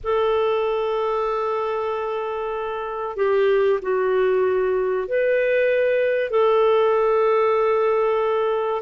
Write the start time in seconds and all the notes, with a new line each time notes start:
0.03 A4
3.16 G4
3.82 F#4
5.08 B4
6.30 A4